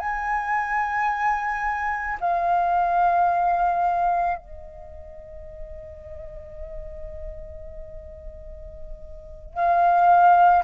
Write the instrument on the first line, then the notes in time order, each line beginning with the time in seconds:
flute
0.00 G#5
2.21 F5
4.38 D#5
9.55 F5